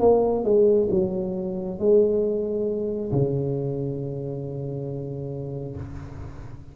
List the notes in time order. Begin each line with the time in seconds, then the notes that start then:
0.00 A#3
0.45 G#3
0.91 F#3
1.79 G#3
3.12 C#3